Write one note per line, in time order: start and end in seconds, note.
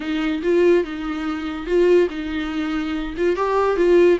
0.00 0.42 D#4
0.42 0.84 F4
0.84 1.66 D#4
1.66 2.08 F4
2.10 3.14 D#4
3.17 3.36 F4
3.36 3.76 G4
3.76 4.18 F4